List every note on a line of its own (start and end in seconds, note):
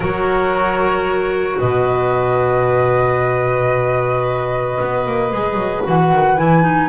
0.00 1.55 F#3
0.00 5.30 F#4
0.00 1.59 A#4
0.00 1.58 C#5
1.58 4.79 B2
1.58 6.89 B4
1.58 5.83 D#5
4.80 5.06 B3
5.06 5.32 A#3
5.30 5.53 G#3
5.30 5.83 G#4
5.53 5.80 F#3
5.84 6.11 E3
5.84 6.37 F#4
5.84 6.37 F#5
6.11 6.37 D#3
6.37 6.89 E3
6.37 6.62 E4
6.37 6.89 G#5
6.62 6.88 D#4